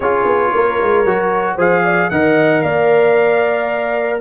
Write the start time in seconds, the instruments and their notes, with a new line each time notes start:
0.00 tuba C#4, trombone F4, horn G#4, trumpet C#5
0.25 tuba B3
0.54 tuba A#3, horn A#4
0.81 tuba G#3
1.05 tuba F#3, trombone F#4
1.55 tuba F3, trombone G#4, horn C5, trumpet F5
1.84 horn D5
2.09 tuba D#3, trombone A#4, horn D#5, trumpet F#5
2.61 tuba A#3, horn D5, trumpet F5